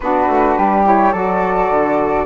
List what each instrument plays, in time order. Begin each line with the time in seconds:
0.00 bassoon B3, saxophone D4, flute F#4 B4
0.27 bassoon A3
0.57 bassoon G3, flute G4
0.84 saxophone E4, flute C#5
1.12 bassoon F#3, saxophone F#4, flute A4 D5
1.70 bassoon D3